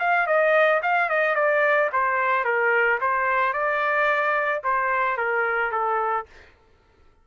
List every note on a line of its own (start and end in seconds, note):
0.00 0.27 F5
0.27 0.82 D#5
0.83 1.10 F5
1.10 1.36 D#5
1.36 1.90 D5
1.93 2.45 C5
2.45 3.00 A#4
3.01 3.54 C5
3.54 4.63 D5
4.64 5.18 C5
5.18 5.72 A#4
5.72 6.27 A4